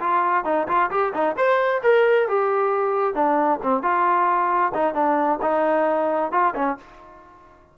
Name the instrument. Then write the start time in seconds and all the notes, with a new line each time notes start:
trombone
0.00 F4
0.45 D#4
0.68 F4
0.91 G4
1.14 D#4
1.37 C5
1.83 A#4
2.28 G4
3.15 D4
3.63 C4
3.83 F4
4.74 D#4
4.94 D4
5.42 D#4
6.32 F4
6.55 C#4